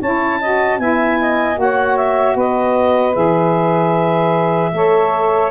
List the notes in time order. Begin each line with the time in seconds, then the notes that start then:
0.00 C#4 E4 C#5 A5
0.40 F#4 D#5
0.79 B3 E4 E5 G#5
1.20 D#5
1.54 A#3 F#4 C#5 F#5
1.96 E5
2.34 B3 B4 D#5
3.13 E3 G#4 E5
4.72 A3 A4 C#5